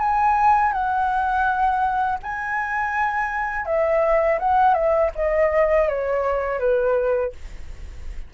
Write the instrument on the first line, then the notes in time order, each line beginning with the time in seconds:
flute
0.00 G#5
0.73 F#5
2.23 G#5
3.66 E5
4.39 F#5
4.74 E5
5.16 D#5
5.89 C#5
6.59 B4